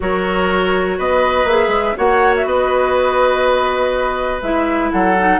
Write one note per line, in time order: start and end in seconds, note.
0.00 0.98 F#3
0.00 1.46 F#4
0.00 0.98 A#4
0.00 0.99 C#5
0.98 1.44 B3
0.98 1.96 B4
0.98 1.47 D#5
1.44 1.68 A#3
1.44 1.95 G#4
1.44 1.96 E5
1.68 1.92 G#3
1.95 2.45 A#3
1.95 4.41 F#4
1.95 2.46 C#5
1.95 2.34 F#5
2.36 2.47 E5
2.45 4.41 B3
2.45 4.92 B4
2.45 4.41 D#5
4.41 4.91 G#3
4.41 5.16 E4
4.41 4.91 E5
4.91 5.39 F#3
4.91 5.39 A4
4.91 5.39 F#5
5.18 5.39 D#4